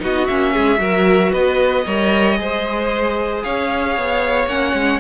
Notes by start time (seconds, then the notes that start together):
0.00 B3 D#4 F#4 D#5
0.28 A#3 C#4 E5
0.54 G#3 G#4
0.78 F#3 F#4 A#4
1.32 B3 B4 D#5
1.87 G3 A#4 C#5
2.37 G#3 G#4 C5
3.43 C#4 C#5 F5
3.98 B3
4.47 A#3 C#4 F#5
4.74 G#3